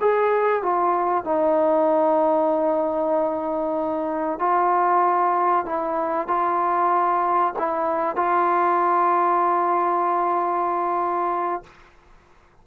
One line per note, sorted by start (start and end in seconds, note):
0.00 0.62 G#4
0.62 1.24 F4
1.24 4.39 D#4
4.39 5.65 F4
5.65 6.27 E4
6.27 7.54 F4
7.58 8.16 E4
8.16 11.63 F4